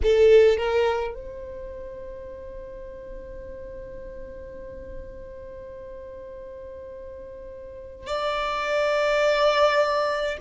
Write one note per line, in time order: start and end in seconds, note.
0.03 0.57 A4
0.57 1.14 A#4
1.14 8.06 C5
8.06 10.37 D5